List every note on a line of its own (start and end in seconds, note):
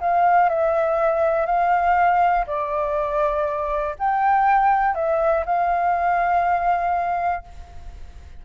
0.00 0.49 F5
0.49 1.46 E5
1.46 2.45 F5
2.47 3.95 D5
3.99 4.95 G5
4.95 5.44 E5
5.46 7.44 F5